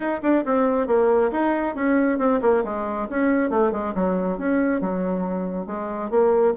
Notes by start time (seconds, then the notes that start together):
0.00 D#4
0.22 D4
0.45 C4
0.87 A#3
1.31 D#4
1.75 C#4
2.18 C4
2.41 A#3
2.64 G#3
3.09 C#4
3.50 A3
3.71 G#3
3.94 F#3
4.38 C#4
4.81 F#3
5.66 G#3
6.10 A#3